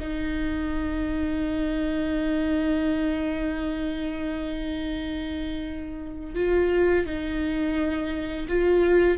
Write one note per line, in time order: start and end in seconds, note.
0.00 6.35 D#4
6.35 7.06 F4
7.06 8.47 D#4
8.48 9.18 F4